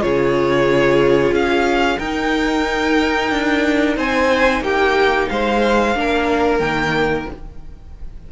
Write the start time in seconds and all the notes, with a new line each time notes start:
0.00 C#3 F4 G#4 C#5
1.31 C#4 F5
1.99 D#4 A#4 G5
3.30 D4
3.96 C4 C5 G#5
4.60 A#3 G4 G5
5.28 G#3 C5 F5
5.95 A#3 D4 A#4
6.58 D#3 A#3 G5